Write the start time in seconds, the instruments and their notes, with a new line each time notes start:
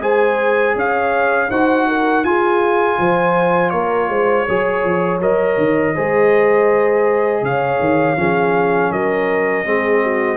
0.00 tuba G#3, trombone G#4, horn C5, trumpet G#5
0.75 tuba C#4, horn C#5, trumpet F5
1.49 tuba D#4, trombone F#4, horn C5, trumpet F#5
1.87 horn A#4
2.23 tuba F4, trombone F4, horn G#4, trumpet G#5
2.99 tuba F3, horn C5
3.69 tuba A#3, horn A#4, trumpet C#5
4.09 tuba G#3, horn C5
4.45 tuba F#3, trombone G#4, horn C#5
4.83 tuba F3
5.20 tuba F#3, trombone A#4, trumpet D#5
5.57 tuba D#3
5.93 tuba G#3, trombone G#4, horn C5
7.41 tuba C#3, horn C#5, trumpet F5
7.79 tuba D#3
8.16 tuba F3, trombone C#4, horn G#4
8.91 tuba F#3, horn A#4, trumpet D#5
9.65 tuba G#3, trombone C4, horn G#4
10.02 horn F#4